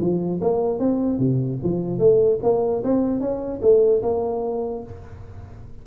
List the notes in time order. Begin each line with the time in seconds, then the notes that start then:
0.00 F3
0.41 A#3
0.79 C4
1.19 C3
1.63 F3
1.99 A3
2.43 A#3
2.84 C4
3.20 C#4
3.62 A3
4.02 A#3